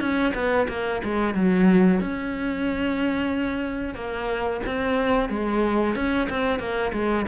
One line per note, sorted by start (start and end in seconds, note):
0.00 0.33 C#4
0.34 0.67 B3
0.68 1.01 A#3
1.04 1.34 G#3
1.34 2.00 F#3
2.00 3.95 C#4
3.95 4.61 A#3
4.66 5.29 C4
5.29 5.95 G#3
5.95 6.28 C#4
6.30 6.59 C4
6.59 6.92 A#3
6.93 7.26 G#3